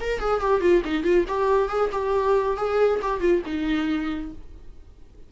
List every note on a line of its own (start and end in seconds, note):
0.00 0.19 A#4
0.19 0.40 G#4
0.40 0.60 G4
0.60 0.82 F4
0.84 1.03 D#4
1.03 1.25 F4
1.28 1.69 G4
1.69 1.90 G#4
1.92 2.56 G4
2.57 3.00 G#4
3.02 3.20 G4
3.20 3.42 F4
3.45 4.32 D#4